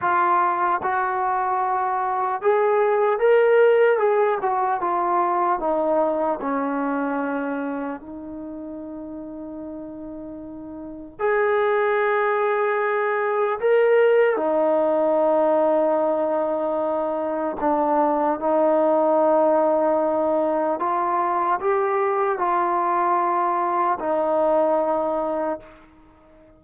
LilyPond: \new Staff \with { instrumentName = "trombone" } { \time 4/4 \tempo 4 = 75 f'4 fis'2 gis'4 | ais'4 gis'8 fis'8 f'4 dis'4 | cis'2 dis'2~ | dis'2 gis'2~ |
gis'4 ais'4 dis'2~ | dis'2 d'4 dis'4~ | dis'2 f'4 g'4 | f'2 dis'2 | }